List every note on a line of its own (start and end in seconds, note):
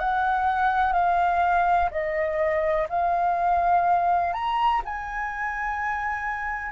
0.00 0.93 F#5
0.93 1.90 F5
1.91 2.88 D#5
2.89 4.34 F5
4.34 4.82 A#5
4.86 6.72 G#5